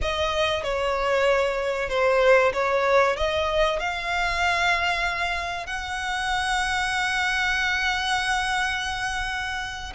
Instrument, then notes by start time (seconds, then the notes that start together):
violin
0.01 D#5
0.63 C#5
1.89 C5
2.53 C#5
3.16 D#5
3.79 F5
5.66 F#5